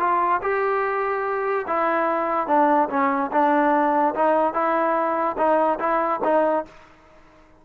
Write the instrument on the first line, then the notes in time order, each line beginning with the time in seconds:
trombone
0.00 F4
0.42 G4
1.68 E4
2.48 D4
2.90 C#4
3.32 D4
4.15 D#4
4.54 E4
5.38 D#4
5.79 E4
6.24 D#4